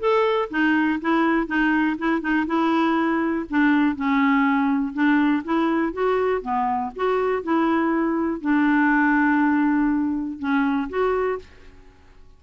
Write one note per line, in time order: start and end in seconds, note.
0.00 0.50 A4
0.51 1.01 D#4
1.01 1.48 E4
1.48 1.97 D#4
1.99 2.22 E4
2.22 2.46 D#4
2.47 3.46 E4
3.50 3.96 D4
3.96 4.94 C#4
4.94 5.44 D4
5.45 5.94 E4
5.94 6.42 F#4
6.42 6.92 B3
6.96 7.44 F#4
7.44 8.42 E4
8.42 10.40 D4
10.40 10.89 C#4
10.90 11.40 F#4